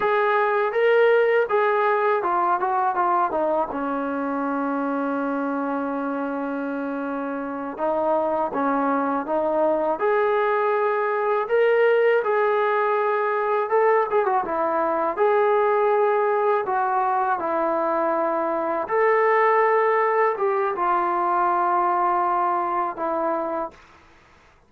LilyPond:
\new Staff \with { instrumentName = "trombone" } { \time 4/4 \tempo 4 = 81 gis'4 ais'4 gis'4 f'8 fis'8 | f'8 dis'8 cis'2.~ | cis'2~ cis'8 dis'4 cis'8~ | cis'8 dis'4 gis'2 ais'8~ |
ais'8 gis'2 a'8 gis'16 fis'16 e'8~ | e'8 gis'2 fis'4 e'8~ | e'4. a'2 g'8 | f'2. e'4 | }